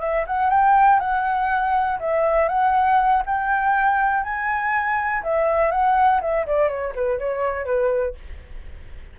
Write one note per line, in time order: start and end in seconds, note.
0.00 0.25 E5
0.27 0.50 F#5
0.50 1.00 G5
1.00 1.99 F#5
2.00 2.49 E5
2.49 3.23 F#5
3.26 4.24 G5
4.24 5.23 G#5
5.23 5.71 E5
5.71 6.21 F#5
6.21 6.46 E5
6.47 6.69 D5
6.69 6.94 C#5
6.95 7.19 B4
7.19 7.65 C#5
7.65 8.15 B4